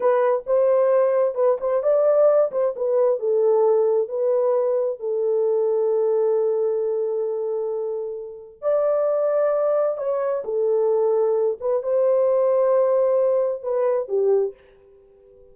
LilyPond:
\new Staff \with { instrumentName = "horn" } { \time 4/4 \tempo 4 = 132 b'4 c''2 b'8 c''8 | d''4. c''8 b'4 a'4~ | a'4 b'2 a'4~ | a'1~ |
a'2. d''4~ | d''2 cis''4 a'4~ | a'4. b'8 c''2~ | c''2 b'4 g'4 | }